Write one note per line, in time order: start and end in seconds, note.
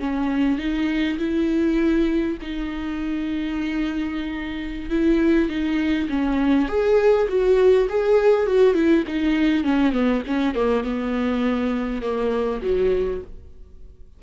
0.00 0.59 C#4
0.59 1.18 D#4
1.19 2.38 E4
2.42 4.90 D#4
4.90 5.50 E4
5.50 6.09 D#4
6.09 6.69 C#4
6.69 7.28 G#4
7.29 7.88 F#4
7.90 8.47 G#4
8.47 8.75 F#4
8.75 9.05 E4
9.08 9.64 D#4
9.64 9.93 C#4
9.93 10.22 B3
10.27 10.55 C#4
10.55 10.84 A#3
10.84 12.02 B3
12.02 12.62 A#3
12.62 13.22 F#3